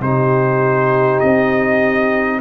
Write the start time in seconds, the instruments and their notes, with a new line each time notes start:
0.00 tuba C3, trombone D#4, horn G4, trumpet C5
1.20 tuba C4, trumpet D#5